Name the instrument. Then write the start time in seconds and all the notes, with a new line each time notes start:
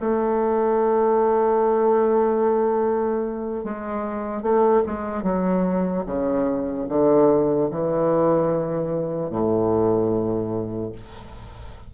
bassoon
0.00 A3
3.64 G#3
4.42 A3
4.86 G#3
5.23 F#3
6.06 C#3
6.88 D3
7.71 E3
9.30 A2